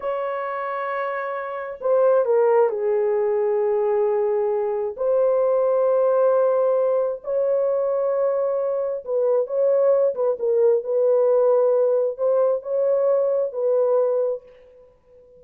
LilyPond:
\new Staff \with { instrumentName = "horn" } { \time 4/4 \tempo 4 = 133 cis''1 | c''4 ais'4 gis'2~ | gis'2. c''4~ | c''1 |
cis''1 | b'4 cis''4. b'8 ais'4 | b'2. c''4 | cis''2 b'2 | }